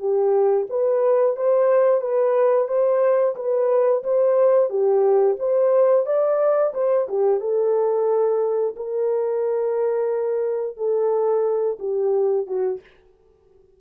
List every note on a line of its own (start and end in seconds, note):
0.00 0.67 G4
0.70 1.37 B4
1.37 2.02 C5
2.02 2.68 B4
2.68 3.36 C5
3.36 4.03 B4
4.04 4.70 C5
4.70 5.37 G4
5.40 6.06 C5
6.06 6.74 D5
6.74 7.08 C5
7.08 7.41 G4
7.41 8.75 A4
8.76 10.77 A#4
10.77 11.78 A4
11.79 12.47 G4
12.47 12.81 F#4